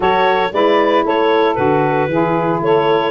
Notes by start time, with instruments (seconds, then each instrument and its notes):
0.00 tuba F#3, saxophone F#4 A4, clarinet C#5
0.52 tuba G#3, saxophone E4 B4, clarinet D5
1.04 tuba A3, saxophone A4, clarinet C#5
1.54 tuba D3, saxophone F#4, clarinet B4
2.07 tuba E3, saxophone E4 G#4
2.61 tuba A3, saxophone A4, clarinet C#5